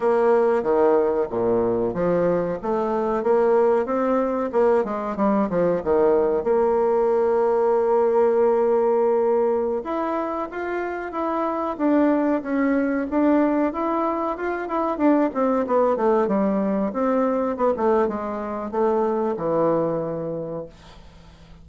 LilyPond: \new Staff \with { instrumentName = "bassoon" } { \time 4/4 \tempo 4 = 93 ais4 dis4 ais,4 f4 | a4 ais4 c'4 ais8 gis8 | g8 f8 dis4 ais2~ | ais2.~ ais16 e'8.~ |
e'16 f'4 e'4 d'4 cis'8.~ | cis'16 d'4 e'4 f'8 e'8 d'8 c'16~ | c'16 b8 a8 g4 c'4 b16 a8 | gis4 a4 e2 | }